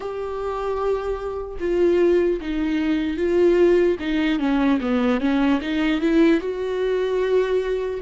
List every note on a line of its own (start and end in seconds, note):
0.00 1.57 G4
1.60 2.40 F4
2.40 3.17 D#4
3.17 3.97 F4
3.99 4.39 D#4
4.39 4.79 C#4
4.80 5.20 B3
5.20 5.60 C#4
5.61 6.00 D#4
6.00 6.40 E4
6.40 8.00 F#4